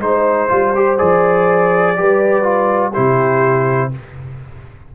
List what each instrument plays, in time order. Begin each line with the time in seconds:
0.00 tuba G#3, trombone D#4, trumpet C5, horn C5
0.49 tuba G3, trombone F4
0.76 trombone G4
0.98 tuba F3, trombone G#4, trumpet D5
1.96 tuba G3, trombone G4, horn B4
2.43 trombone F4
2.93 tuba C3, trombone E4, horn G4, trumpet C5